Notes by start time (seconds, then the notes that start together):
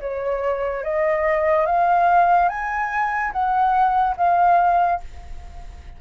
0.00 C#5
0.83 D#5
1.66 F5
2.48 G#5
3.32 F#5
4.16 F5